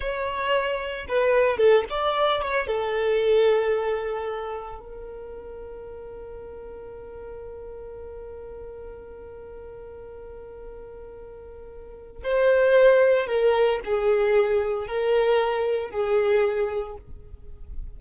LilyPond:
\new Staff \with { instrumentName = "violin" } { \time 4/4 \tempo 4 = 113 cis''2 b'4 a'8 d''8~ | d''8 cis''8 a'2.~ | a'4 ais'2.~ | ais'1~ |
ais'1~ | ais'2. c''4~ | c''4 ais'4 gis'2 | ais'2 gis'2 | }